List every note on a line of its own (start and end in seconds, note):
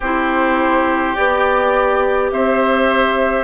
0.00 1.16 C4
0.00 1.16 E4
0.00 2.31 G4
0.00 1.15 C5
1.15 2.31 B3
1.15 3.44 G4
1.15 2.31 D5
2.31 3.44 C4
2.31 3.44 C5
2.31 3.44 E5